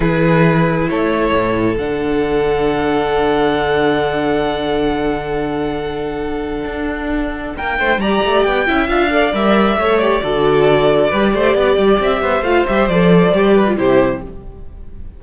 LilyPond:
<<
  \new Staff \with { instrumentName = "violin" } { \time 4/4 \tempo 4 = 135 b'2 cis''2 | fis''1~ | fis''1~ | fis''1~ |
fis''4 g''4 ais''4 g''4 | f''4 e''4. d''4.~ | d''2. e''4 | f''8 e''8 d''2 c''4 | }
  \new Staff \with { instrumentName = "violin" } { \time 4/4 gis'2 a'2~ | a'1~ | a'1~ | a'1~ |
a'4 ais'8 c''8 d''4. e''8~ | e''8 d''4. cis''4 a'4~ | a'4 b'8 c''8 d''4. c''8~ | c''2~ c''8 b'8 g'4 | }
  \new Staff \with { instrumentName = "viola" } { \time 4/4 e'1 | d'1~ | d'1~ | d'1~ |
d'2 g'4. e'8 | f'8 a'8 ais'4 a'8 g'8 fis'4~ | fis'4 g'2. | f'8 g'8 a'4 g'8. f'16 e'4 | }
  \new Staff \with { instrumentName = "cello" } { \time 4/4 e2 a4 a,4 | d1~ | d1~ | d2. d'4~ |
d'4 ais8 a8 g8 a8 b8 cis'8 | d'4 g4 a4 d4~ | d4 g8 a8 b8 g8 c'8 b8 | a8 g8 f4 g4 c4 | }
>>